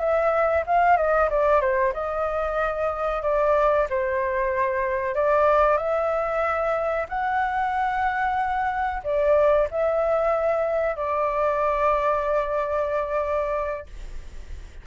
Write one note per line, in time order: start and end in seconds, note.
0.00 0.65 E5
0.67 0.97 F5
0.97 1.29 D#5
1.30 1.61 D5
1.61 1.93 C5
1.94 3.23 D#5
3.23 3.87 D5
3.90 5.15 C5
5.15 5.77 D5
5.77 7.06 E5
7.09 9.03 F#5
9.04 9.68 D5
9.71 10.96 E5
10.96 13.87 D5